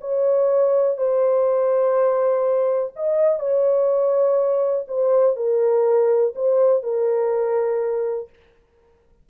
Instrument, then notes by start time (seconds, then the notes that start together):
horn
0.00 C#5
0.97 C5
2.96 D#5
3.39 C#5
4.87 C5
5.36 A#4
6.35 C5
6.82 A#4